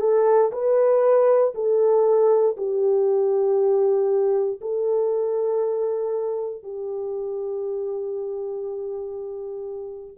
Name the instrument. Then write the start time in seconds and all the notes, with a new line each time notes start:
horn
0.00 A4
0.52 B4
1.54 A4
2.57 G4
4.61 A4
6.63 G4